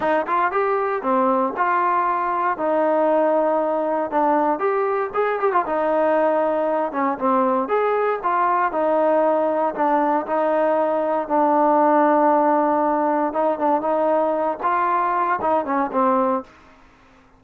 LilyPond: \new Staff \with { instrumentName = "trombone" } { \time 4/4 \tempo 4 = 117 dis'8 f'8 g'4 c'4 f'4~ | f'4 dis'2. | d'4 g'4 gis'8 g'16 f'16 dis'4~ | dis'4. cis'8 c'4 gis'4 |
f'4 dis'2 d'4 | dis'2 d'2~ | d'2 dis'8 d'8 dis'4~ | dis'8 f'4. dis'8 cis'8 c'4 | }